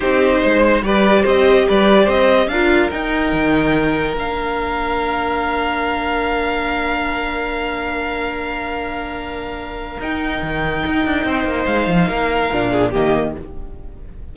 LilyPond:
<<
  \new Staff \with { instrumentName = "violin" } { \time 4/4 \tempo 4 = 144 c''2 d''4 dis''4 | d''4 dis''4 f''4 g''4~ | g''2 f''2~ | f''1~ |
f''1~ | f''1 | g''1 | f''2. dis''4 | }
  \new Staff \with { instrumentName = "violin" } { \time 4/4 g'4 c''4 b'4 c''4 | b'4 c''4 ais'2~ | ais'1~ | ais'1~ |
ais'1~ | ais'1~ | ais'2. c''4~ | c''4 ais'4. gis'8 g'4 | }
  \new Staff \with { instrumentName = "viola" } { \time 4/4 dis'2 g'2~ | g'2 f'4 dis'4~ | dis'2 d'2~ | d'1~ |
d'1~ | d'1 | dis'1~ | dis'2 d'4 ais4 | }
  \new Staff \with { instrumentName = "cello" } { \time 4/4 c'4 gis4 g4 c'4 | g4 c'4 d'4 dis'4 | dis2 ais2~ | ais1~ |
ais1~ | ais1 | dis'4 dis4 dis'8 d'8 c'8 ais8 | gis8 f8 ais4 ais,4 dis4 | }
>>